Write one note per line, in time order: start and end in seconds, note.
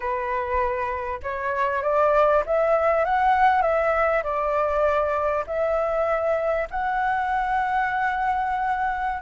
0.00 1.20 B4
1.22 1.83 C#5
1.83 2.43 D5
2.45 3.04 E5
3.04 3.62 F#5
3.62 4.22 E5
4.23 5.44 D5
5.46 6.67 E5
6.70 9.22 F#5